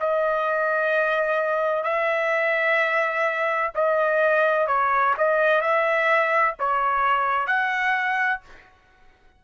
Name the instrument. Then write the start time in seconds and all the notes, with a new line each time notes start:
trumpet
0.00 D#5
1.84 E5
3.75 D#5
4.67 C#5
5.18 D#5
5.61 E5
6.59 C#5
7.47 F#5